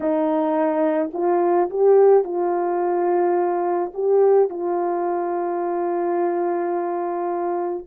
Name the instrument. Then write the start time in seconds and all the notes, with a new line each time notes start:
horn
0.00 D#4
1.13 F4
1.69 G4
2.24 F4
3.94 G4
4.49 F4